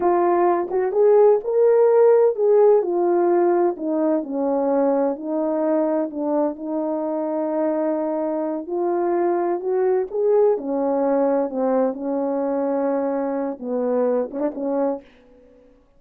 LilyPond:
\new Staff \with { instrumentName = "horn" } { \time 4/4 \tempo 4 = 128 f'4. fis'8 gis'4 ais'4~ | ais'4 gis'4 f'2 | dis'4 cis'2 dis'4~ | dis'4 d'4 dis'2~ |
dis'2~ dis'8 f'4.~ | f'8 fis'4 gis'4 cis'4.~ | cis'8 c'4 cis'2~ cis'8~ | cis'4 b4. cis'16 d'16 cis'4 | }